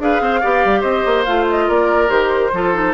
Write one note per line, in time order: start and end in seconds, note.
0.00 0.21 D4
0.00 0.42 G#4
0.00 0.22 B4
0.00 0.82 F5
0.21 0.42 C4
0.21 0.40 C5
0.40 0.65 B3
0.40 1.27 G4
0.40 0.81 D5
0.65 0.84 G3
0.81 1.05 C4
0.81 1.65 C5
0.81 1.24 D#5
1.06 1.27 A#3
1.25 1.69 A3
1.25 2.08 F4
1.25 1.46 F5
1.50 1.70 D#5
1.67 2.10 A#3
1.67 2.51 A#4
1.67 2.10 D5
2.08 2.52 D#3
2.08 2.50 G4
2.08 2.94 C5
2.53 2.94 F3
2.53 2.74 F4
2.53 2.94 A4
2.74 2.94 D#4